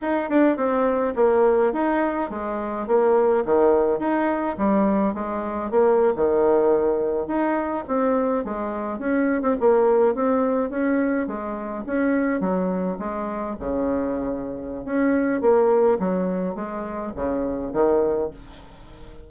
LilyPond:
\new Staff \with { instrumentName = "bassoon" } { \time 4/4 \tempo 4 = 105 dis'8 d'8 c'4 ais4 dis'4 | gis4 ais4 dis4 dis'4 | g4 gis4 ais8. dis4~ dis16~ | dis8. dis'4 c'4 gis4 cis'16~ |
cis'8 c'16 ais4 c'4 cis'4 gis16~ | gis8. cis'4 fis4 gis4 cis16~ | cis2 cis'4 ais4 | fis4 gis4 cis4 dis4 | }